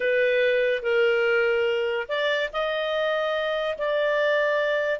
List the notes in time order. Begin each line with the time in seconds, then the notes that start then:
0.00 B4
0.82 A#4
2.08 D5
2.52 D#5
3.78 D5